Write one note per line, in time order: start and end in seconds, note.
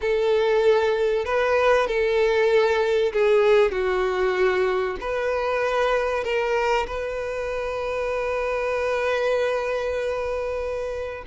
0.01 1.25 A4
1.25 1.87 B4
1.87 3.12 A4
3.12 3.71 G#4
3.71 4.96 F#4
5.00 6.23 B4
6.23 6.86 A#4
6.87 11.24 B4